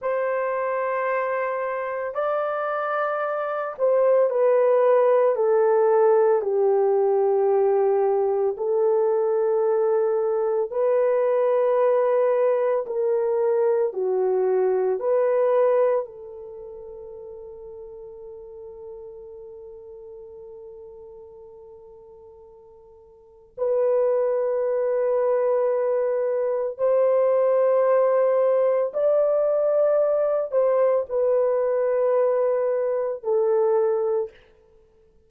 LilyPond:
\new Staff \with { instrumentName = "horn" } { \time 4/4 \tempo 4 = 56 c''2 d''4. c''8 | b'4 a'4 g'2 | a'2 b'2 | ais'4 fis'4 b'4 a'4~ |
a'1~ | a'2 b'2~ | b'4 c''2 d''4~ | d''8 c''8 b'2 a'4 | }